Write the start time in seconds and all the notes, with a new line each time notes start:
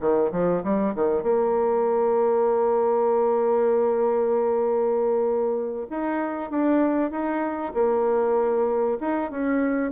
0.00 D#3
0.31 F3
0.63 G3
0.94 D#3
1.22 A#3
5.90 D#4
6.50 D4
7.10 D#4
7.74 A#3
9.00 D#4
9.30 C#4